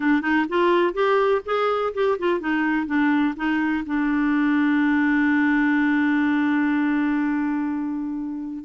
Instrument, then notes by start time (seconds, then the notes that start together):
clarinet
0.00 D4
0.21 D#4
0.48 F4
0.93 G4
1.45 G#4
1.93 G4
2.18 F4
2.40 D#4
2.86 D4
3.36 D#4
3.86 D4